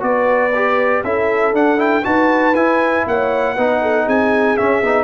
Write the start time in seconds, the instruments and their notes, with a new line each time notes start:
0.00 tuba B3, trombone F#4, horn B4, trumpet D5
0.55 trombone G4
1.04 tuba C#4, trombone E4, horn A4, trumpet E5
1.53 tuba D4, trombone D4, trumpet F#5
1.77 trombone E4, trumpet G5
2.03 tuba D#4, trombone F#4, horn B4, trumpet A5
2.55 tuba E4, trombone E4, trumpet G#5
3.07 tuba A#3, horn C#5, trumpet F#5
3.55 tuba B3, trombone D#4, horn B4
3.82 horn A4
4.05 tuba C4, horn G#4, trumpet G#5
4.57 trombone C#4, tuba C#4, trumpet E5
4.83 tuba B3, trombone D#4